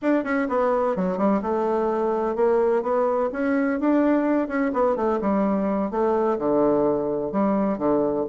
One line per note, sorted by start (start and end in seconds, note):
0.02 0.24 D4
0.24 0.47 C#4
0.48 0.96 B3
0.96 1.17 F#3
1.17 1.41 G3
1.42 2.35 A3
2.35 2.82 A#3
2.82 3.29 B3
3.32 3.79 C#4
3.79 4.48 D4
4.48 4.71 C#4
4.73 4.95 B3
4.95 5.19 A3
5.21 5.91 G3
5.91 6.38 A3
6.38 7.32 D3
7.32 7.77 G3
7.77 8.25 D3